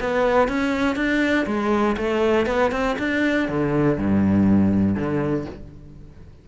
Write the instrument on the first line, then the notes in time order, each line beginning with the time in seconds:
cello
0.00 B3
0.48 C#4
0.96 D4
1.46 G#3
1.97 A3
2.46 B3
2.72 C4
2.99 D4
3.49 D3
3.98 G2
4.96 D3